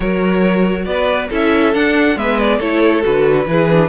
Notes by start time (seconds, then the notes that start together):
0.00 F#3 F#4 A#4 C#5
0.85 B3 B4 D5
1.29 C#4 E4 A4 E5
1.74 D4 F#5
2.16 G#3 B3 B4 E5
2.39 D5
2.58 A3 E4 A4 C#5
3.02 D3 F#4 B4
3.46 E3 E4 G#4
3.69 D4